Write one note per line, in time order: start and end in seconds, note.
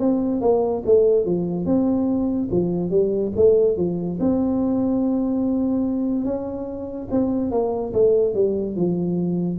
0.00 0.41 C4
0.41 0.83 A#3
0.86 1.25 A3
1.25 1.66 F3
1.66 2.49 C4
2.51 2.91 F3
2.91 3.32 G3
3.36 3.77 A3
3.77 4.19 F3
4.20 6.25 C4
6.25 7.08 C#4
7.11 7.52 C4
7.52 7.93 A#3
7.94 8.34 A3
8.34 8.76 G3
8.77 9.59 F3